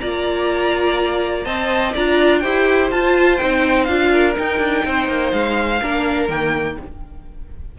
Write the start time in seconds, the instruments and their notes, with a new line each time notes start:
0.00 cello A#3, viola F4, violin D5 A#5
1.44 cello C4, viola C5, violin D#5 A5
1.94 cello D4, viola F4, violin D5 A#5
2.40 cello E4, viola G4, violin C5 G5
2.91 viola F4, cello F4, violin A5
3.37 cello C4, viola D#4, violin G5
3.85 cello D4, viola F4, violin F5
4.12 violin A#4
4.35 viola D#4, cello D#4, violin G5
4.59 cello D4
4.85 cello C4, violin C5
5.08 cello A#3
5.32 cello G#3, violin F5
5.82 cello A#3, viola D4, violin A#4
6.29 cello D#3, viola A#3, violin G5